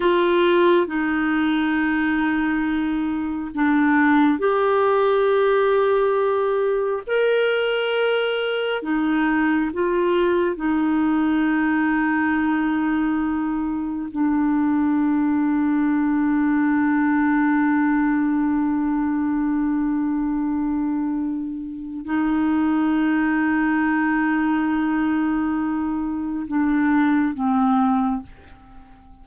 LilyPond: \new Staff \with { instrumentName = "clarinet" } { \time 4/4 \tempo 4 = 68 f'4 dis'2. | d'4 g'2. | ais'2 dis'4 f'4 | dis'1 |
d'1~ | d'1~ | d'4 dis'2.~ | dis'2 d'4 c'4 | }